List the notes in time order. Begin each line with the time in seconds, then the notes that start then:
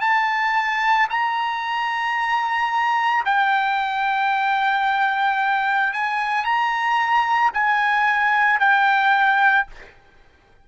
0.00 A5
1.10 A#5
3.25 G5
5.93 G#5
6.44 A#5
7.53 G#5
8.60 G5